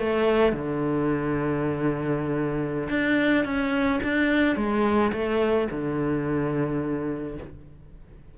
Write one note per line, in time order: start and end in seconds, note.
0.00 0.53 A3
0.53 2.89 D3
2.90 3.45 D4
3.45 4.01 C#4
4.04 4.57 D4
4.57 5.12 G#3
5.13 5.69 A3
5.72 7.38 D3